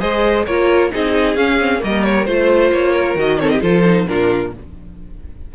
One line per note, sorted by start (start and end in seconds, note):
0.00 0.47 G#3
0.00 0.45 G#4
0.00 0.45 C5
0.00 0.46 D#5
0.46 0.93 A#3
0.46 0.91 F4
0.46 0.92 A#4
0.46 0.92 C#5
0.91 1.36 C4
0.91 1.36 D#4
0.91 1.84 G#4
0.91 1.36 D#5
1.36 1.81 C#4
1.36 1.60 C#4
1.36 1.81 F5
1.60 1.79 C4
1.79 2.28 G3
1.79 2.24 A#3
1.79 2.27 A#4
1.79 2.04 D#5
2.04 2.25 C#5
2.25 2.72 A3
2.25 3.18 F4
2.25 2.70 C5
2.25 2.93 C5
2.72 3.15 A#3
2.72 3.18 C#5
2.93 3.38 A#4
3.15 3.60 D#3
3.15 3.39 F#4
3.15 3.40 D#5
3.39 3.61 C4
3.39 3.53 A4
3.39 3.50 C#5
3.50 3.62 G4
3.50 3.61 D#5
3.61 4.08 F3
3.61 3.84 F4
3.61 4.07 A4
3.61 4.08 C5
3.85 4.07 D#4
4.07 4.55 A#2
4.07 4.52 D4
4.07 4.55 F4
4.07 4.53 A#4